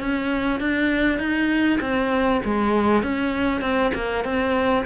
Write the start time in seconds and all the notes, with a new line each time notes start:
0.00 C#4
0.60 D4
1.19 D#4
1.81 C4
2.45 G#3
3.03 C#4
3.61 C4
3.94 A#3
4.25 C4